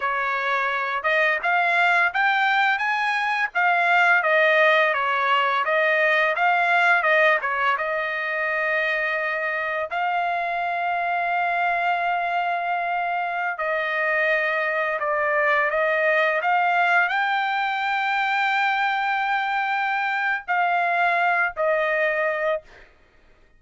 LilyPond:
\new Staff \with { instrumentName = "trumpet" } { \time 4/4 \tempo 4 = 85 cis''4. dis''8 f''4 g''4 | gis''4 f''4 dis''4 cis''4 | dis''4 f''4 dis''8 cis''8 dis''4~ | dis''2 f''2~ |
f''2.~ f''16 dis''8.~ | dis''4~ dis''16 d''4 dis''4 f''8.~ | f''16 g''2.~ g''8.~ | g''4 f''4. dis''4. | }